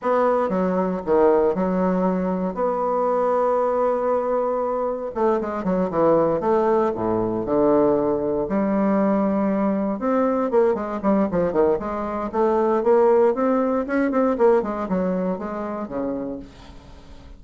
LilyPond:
\new Staff \with { instrumentName = "bassoon" } { \time 4/4 \tempo 4 = 117 b4 fis4 dis4 fis4~ | fis4 b2.~ | b2 a8 gis8 fis8 e8~ | e8 a4 a,4 d4.~ |
d8 g2. c'8~ | c'8 ais8 gis8 g8 f8 dis8 gis4 | a4 ais4 c'4 cis'8 c'8 | ais8 gis8 fis4 gis4 cis4 | }